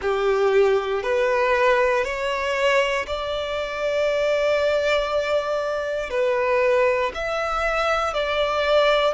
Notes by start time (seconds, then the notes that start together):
0.01 G4
1.02 B4
2.04 C#5
3.06 D5
6.10 B4
7.14 E5
8.13 D5